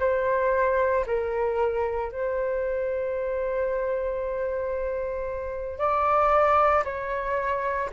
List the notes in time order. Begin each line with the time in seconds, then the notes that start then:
0.00 C5
1.07 A#4
2.12 C5
5.78 D5
6.85 C#5